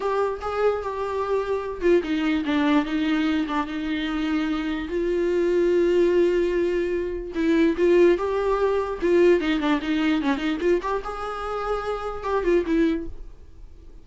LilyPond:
\new Staff \with { instrumentName = "viola" } { \time 4/4 \tempo 4 = 147 g'4 gis'4 g'2~ | g'8 f'8 dis'4 d'4 dis'4~ | dis'8 d'8 dis'2. | f'1~ |
f'2 e'4 f'4 | g'2 f'4 dis'8 d'8 | dis'4 cis'8 dis'8 f'8 g'8 gis'4~ | gis'2 g'8 f'8 e'4 | }